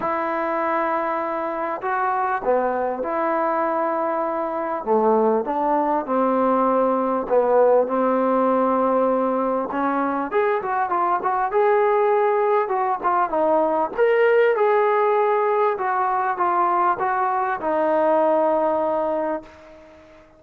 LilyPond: \new Staff \with { instrumentName = "trombone" } { \time 4/4 \tempo 4 = 99 e'2. fis'4 | b4 e'2. | a4 d'4 c'2 | b4 c'2. |
cis'4 gis'8 fis'8 f'8 fis'8 gis'4~ | gis'4 fis'8 f'8 dis'4 ais'4 | gis'2 fis'4 f'4 | fis'4 dis'2. | }